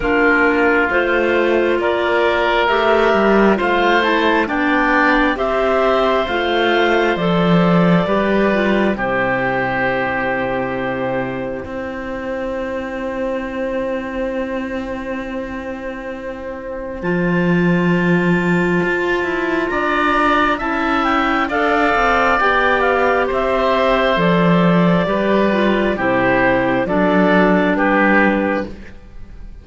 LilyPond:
<<
  \new Staff \with { instrumentName = "clarinet" } { \time 4/4 \tempo 4 = 67 ais'4 c''4 d''4 e''4 | f''8 a''8 g''4 e''4 f''4 | d''2 c''2~ | c''4 g''2.~ |
g''2. a''4~ | a''2 ais''4 a''8 g''8 | f''4 g''8 f''8 e''4 d''4~ | d''4 c''4 d''4 b'4 | }
  \new Staff \with { instrumentName = "oboe" } { \time 4/4 f'2 ais'2 | c''4 d''4 c''2~ | c''4 b'4 g'2~ | g'4 c''2.~ |
c''1~ | c''2 d''4 e''4 | d''2 c''2 | b'4 g'4 a'4 g'4 | }
  \new Staff \with { instrumentName = "clarinet" } { \time 4/4 d'4 f'2 g'4 | f'8 e'8 d'4 g'4 f'4 | a'4 g'8 f'8 e'2~ | e'1~ |
e'2. f'4~ | f'2. e'4 | a'4 g'2 a'4 | g'8 f'8 e'4 d'2 | }
  \new Staff \with { instrumentName = "cello" } { \time 4/4 ais4 a4 ais4 a8 g8 | a4 b4 c'4 a4 | f4 g4 c2~ | c4 c'2.~ |
c'2. f4~ | f4 f'8 e'8 d'4 cis'4 | d'8 c'8 b4 c'4 f4 | g4 c4 fis4 g4 | }
>>